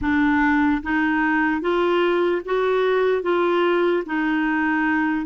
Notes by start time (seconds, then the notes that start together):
0.01 D4
0.82 D#4
1.61 F4
2.45 F#4
3.22 F4
4.05 D#4